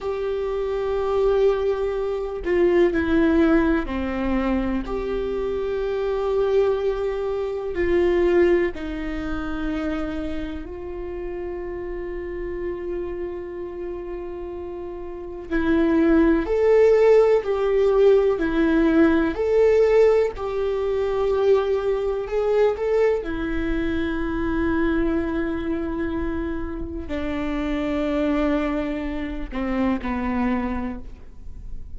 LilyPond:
\new Staff \with { instrumentName = "viola" } { \time 4/4 \tempo 4 = 62 g'2~ g'8 f'8 e'4 | c'4 g'2. | f'4 dis'2 f'4~ | f'1 |
e'4 a'4 g'4 e'4 | a'4 g'2 gis'8 a'8 | e'1 | d'2~ d'8 c'8 b4 | }